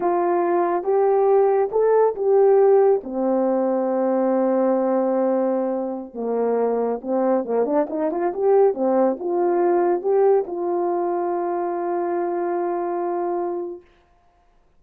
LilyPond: \new Staff \with { instrumentName = "horn" } { \time 4/4 \tempo 4 = 139 f'2 g'2 | a'4 g'2 c'4~ | c'1~ | c'2~ c'16 ais4.~ ais16~ |
ais16 c'4 ais8 d'8 dis'8 f'8 g'8.~ | g'16 c'4 f'2 g'8.~ | g'16 f'2.~ f'8.~ | f'1 | }